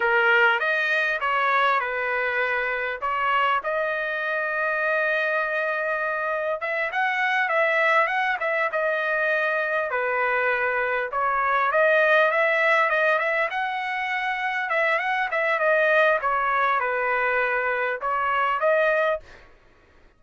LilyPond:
\new Staff \with { instrumentName = "trumpet" } { \time 4/4 \tempo 4 = 100 ais'4 dis''4 cis''4 b'4~ | b'4 cis''4 dis''2~ | dis''2. e''8 fis''8~ | fis''8 e''4 fis''8 e''8 dis''4.~ |
dis''8 b'2 cis''4 dis''8~ | dis''8 e''4 dis''8 e''8 fis''4.~ | fis''8 e''8 fis''8 e''8 dis''4 cis''4 | b'2 cis''4 dis''4 | }